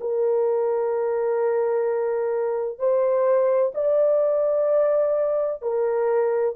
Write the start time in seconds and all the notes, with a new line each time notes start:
0.00 A#4
2.78 C5
3.74 D5
5.62 A#4